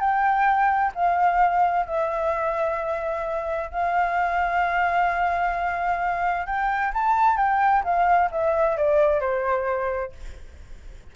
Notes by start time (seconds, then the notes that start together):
0.00 G5
0.95 F5
1.86 E5
3.71 F5
6.46 G5
6.94 A5
7.37 G5
7.84 F5
8.31 E5
8.77 D5
9.20 C5